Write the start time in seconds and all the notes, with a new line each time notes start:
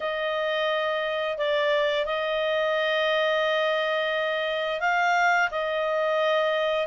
0.00 D#5
1.37 D5
2.05 D#5
4.80 F5
5.50 D#5